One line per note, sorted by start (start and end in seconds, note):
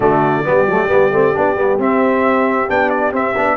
0.00 0.45 D3
0.00 0.44 A3
0.00 0.45 F#4
0.00 1.79 D5
0.44 0.67 G3
0.44 0.66 B3
0.44 3.57 G4
0.67 0.89 F#3
0.67 0.87 A3
0.87 1.11 G3
0.87 1.10 B3
1.11 1.33 A3
1.11 1.34 C4
1.34 1.55 B3
1.34 1.56 D4
1.55 1.78 G3
1.55 1.78 B3
1.78 2.67 C4
1.78 2.70 E5
2.67 3.12 B3
2.67 3.12 D4
2.67 2.89 G5
2.89 3.12 D5
3.12 3.34 C4
3.12 3.57 E5
3.36 3.57 B3
3.36 3.57 D4